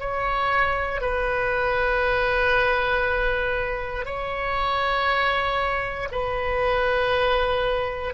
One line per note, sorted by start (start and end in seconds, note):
0.00 1.01 C#5
1.01 4.05 B4
4.05 6.09 C#5
6.12 8.14 B4